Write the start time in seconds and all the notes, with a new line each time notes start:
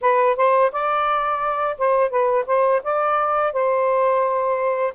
0.01 B4
0.36 C5
0.72 D5
1.78 C5
2.10 B4
2.46 C5
2.83 D5
3.52 C5